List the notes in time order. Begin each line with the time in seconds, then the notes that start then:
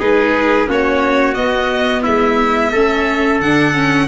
0.00 G#3 D#4 G#4 B4
0.67 A#3 C#4 F#4 C#5
1.35 B3 D#5
2.03 G#3 E4 E5
2.72 A3 C#4 A4
3.40 D3 D4 F#5
3.75 C#4